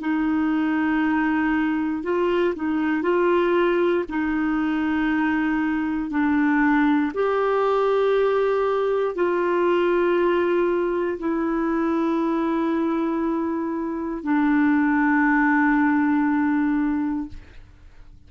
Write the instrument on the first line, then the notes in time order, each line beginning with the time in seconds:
clarinet
0.00 D#4
2.03 F4
2.56 D#4
3.02 F4
4.09 D#4
6.10 D4
7.14 G4
9.15 F4
11.19 E4
14.23 D4